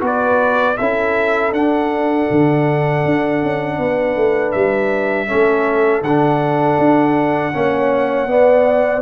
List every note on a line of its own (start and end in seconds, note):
0.00 0.77 B3
0.00 0.75 F#4
0.00 0.76 B4
0.06 0.77 D5
0.77 1.52 C#4
0.77 1.54 E4
0.77 3.78 A4
0.77 1.52 E5
1.52 2.27 D4
1.52 5.27 D4
1.52 4.51 F#5
2.31 3.05 D3
3.05 3.42 D4
3.42 3.78 C#4
3.78 4.16 B3
3.78 5.28 B4
4.16 4.53 A3
4.51 5.30 G3
4.51 6.01 E5
5.27 6.02 A3
5.27 6.02 C#4
5.27 7.53 A4
6.02 6.77 D3
6.02 7.53 D4
6.02 9.02 F#5
6.78 7.53 D4
7.53 8.27 A#3
7.53 8.27 C#4
7.53 8.29 C#5
8.27 9.02 B3
8.27 9.02 D5